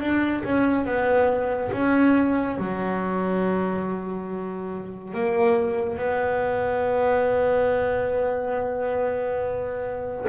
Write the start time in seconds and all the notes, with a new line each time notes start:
0.00 D4
0.44 C#4
0.85 B3
1.72 C#4
2.58 F#3
5.14 A#3
5.97 B3